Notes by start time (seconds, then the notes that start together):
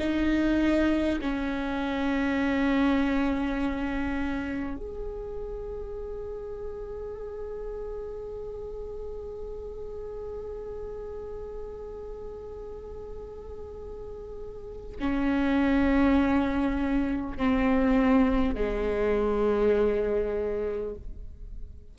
0.00 D#4
1.22 C#4
4.77 G#4
15.01 C#4
17.38 C4
18.55 G#3